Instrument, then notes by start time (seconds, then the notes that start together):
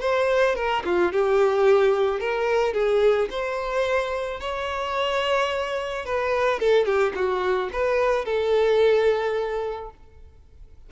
violin
0.00 C5
0.55 A#4
0.85 F4
1.12 G4
2.20 A#4
2.73 G#4
3.30 C5
4.40 C#5
6.05 B4
6.59 A4
6.85 G4
7.15 F#4
7.72 B4
8.25 A4